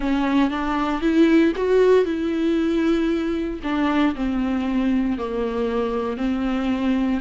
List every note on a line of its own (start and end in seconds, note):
0.00 0.50 C#4
0.50 1.01 D4
1.01 1.53 E4
1.56 2.05 F#4
2.05 3.60 E4
3.63 4.14 D4
4.15 5.18 C4
5.18 6.17 A#3
6.17 7.20 C4